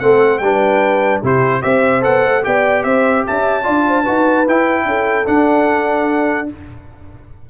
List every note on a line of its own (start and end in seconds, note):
0.00 0.40 A3
0.00 0.42 C4
0.00 0.41 A4
0.00 0.39 F#5
0.39 1.21 G3
0.39 1.23 D4
0.39 1.23 B4
0.39 1.20 G5
1.23 1.64 C3
1.23 1.62 E4
1.23 1.63 G4
1.23 1.62 C5
1.62 2.05 C4
1.62 2.02 G4
1.62 2.45 C5
1.62 2.03 E5
2.02 2.25 B3
2.02 2.42 A4
2.02 2.44 F#5
2.25 2.45 A3
2.43 2.84 B3
2.43 3.64 G4
2.43 2.86 D5
2.43 2.84 G5
2.84 3.25 C4
2.84 3.26 C5
2.84 3.24 E5
3.27 3.67 C#4
3.27 3.64 E5
3.27 4.48 A5
3.64 4.08 D4
3.64 4.04 F4
3.64 3.85 D5
3.88 4.03 C5
4.03 4.48 D#4
4.03 4.46 F#4
4.03 4.84 B4
4.48 4.85 E4
4.48 5.25 E4
4.48 5.27 G5
4.85 5.26 C#4
4.85 6.50 A4
5.25 6.47 D4
5.25 6.50 D4
5.25 6.49 F#5